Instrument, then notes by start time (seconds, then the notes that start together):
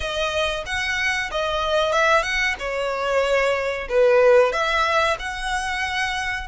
violin
0.00 D#5
0.66 F#5
1.31 D#5
1.92 E5
2.23 F#5
2.59 C#5
3.88 B4
4.52 E5
5.19 F#5